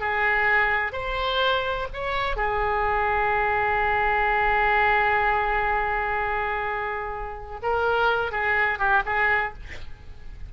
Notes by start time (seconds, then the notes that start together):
0.00 G#4
0.93 C5
1.94 C#5
2.36 G#4
7.62 A#4
8.32 G#4
8.79 G4
9.06 G#4